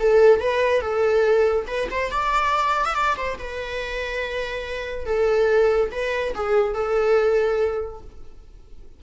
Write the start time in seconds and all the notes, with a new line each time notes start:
0.00 A4
0.41 B4
0.82 A4
1.68 B4
1.91 C5
2.12 D5
2.85 E5
2.95 D5
3.17 C5
3.39 B4
5.06 A4
5.92 B4
6.35 G#4
6.74 A4